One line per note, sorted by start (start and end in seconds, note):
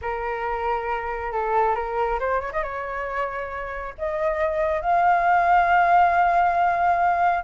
0.01 1.32 A#4
1.32 1.75 A4
1.75 2.19 A#4
2.19 2.40 C5
2.40 2.51 C#5
2.52 2.63 D#5
2.63 3.94 C#5
3.98 4.81 D#5
4.81 7.44 F5